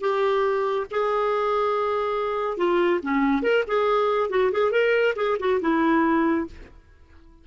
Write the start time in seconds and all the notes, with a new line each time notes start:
0.00 G4
0.91 G#4
2.57 F4
3.02 C#4
3.42 A#4
3.67 G#4
4.30 F#4
4.52 G#4
4.71 A#4
5.16 G#4
5.39 F#4
5.60 E4